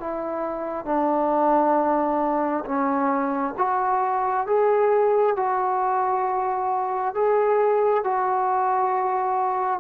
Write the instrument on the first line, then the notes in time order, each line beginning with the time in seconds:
trombone
0.00 E4
0.85 D4
2.65 C#4
3.57 F#4
4.47 G#4
5.36 F#4
7.14 G#4
8.04 F#4